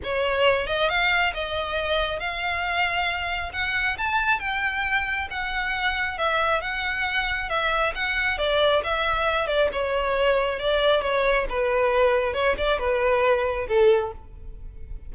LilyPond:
\new Staff \with { instrumentName = "violin" } { \time 4/4 \tempo 4 = 136 cis''4. dis''8 f''4 dis''4~ | dis''4 f''2. | fis''4 a''4 g''2 | fis''2 e''4 fis''4~ |
fis''4 e''4 fis''4 d''4 | e''4. d''8 cis''2 | d''4 cis''4 b'2 | cis''8 d''8 b'2 a'4 | }